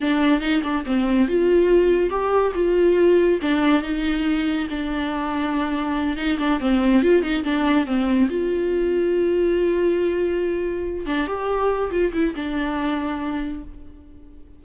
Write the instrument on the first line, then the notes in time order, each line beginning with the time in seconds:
viola
0.00 D4
0.40 D#4
0.63 D4
0.85 C4
1.28 F4
2.09 G4
2.54 F4
3.41 D4
3.82 D#4
4.70 D4
6.16 D#4
6.38 D4
6.60 C4
7.02 F4
7.22 D#4
7.44 D4
7.86 C4
8.29 F4
11.06 D4
11.27 G4
11.91 F4
12.13 E4
12.35 D4